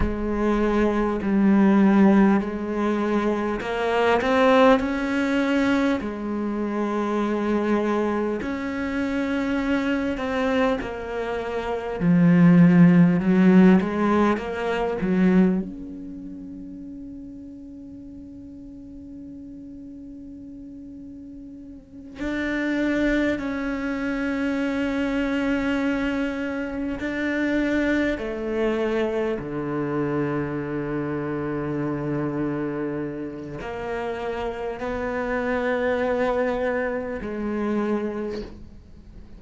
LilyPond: \new Staff \with { instrumentName = "cello" } { \time 4/4 \tempo 4 = 50 gis4 g4 gis4 ais8 c'8 | cis'4 gis2 cis'4~ | cis'8 c'8 ais4 f4 fis8 gis8 | ais8 fis8 cis'2.~ |
cis'2~ cis'8 d'4 cis'8~ | cis'2~ cis'8 d'4 a8~ | a8 d2.~ d8 | ais4 b2 gis4 | }